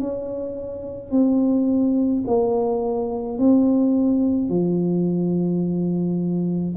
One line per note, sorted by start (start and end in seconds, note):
0.00 1.11 C#4
1.11 2.24 C4
2.27 3.39 A#3
3.39 4.49 C4
4.49 6.76 F3